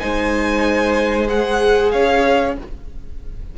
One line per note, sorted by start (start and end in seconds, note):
0.00 1.94 G#3
0.00 1.27 D#4
0.00 1.93 C5
0.00 1.28 G#5
1.27 2.55 G#4
1.27 1.91 F#5
1.91 2.58 C#4
1.91 2.56 C#5
1.91 2.55 F5